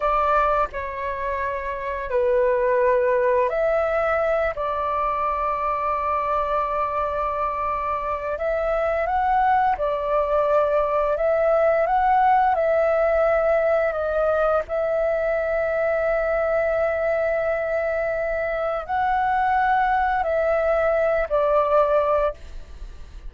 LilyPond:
\new Staff \with { instrumentName = "flute" } { \time 4/4 \tempo 4 = 86 d''4 cis''2 b'4~ | b'4 e''4. d''4.~ | d''1 | e''4 fis''4 d''2 |
e''4 fis''4 e''2 | dis''4 e''2.~ | e''2. fis''4~ | fis''4 e''4. d''4. | }